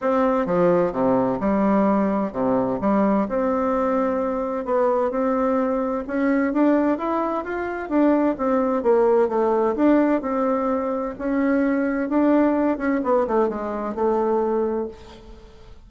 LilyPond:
\new Staff \with { instrumentName = "bassoon" } { \time 4/4 \tempo 4 = 129 c'4 f4 c4 g4~ | g4 c4 g4 c'4~ | c'2 b4 c'4~ | c'4 cis'4 d'4 e'4 |
f'4 d'4 c'4 ais4 | a4 d'4 c'2 | cis'2 d'4. cis'8 | b8 a8 gis4 a2 | }